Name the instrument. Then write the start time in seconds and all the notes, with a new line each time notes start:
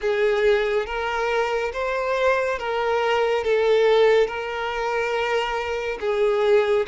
violin
0.01 G#4
0.86 A#4
1.73 C5
2.58 A#4
3.44 A4
4.27 A#4
6.00 G#4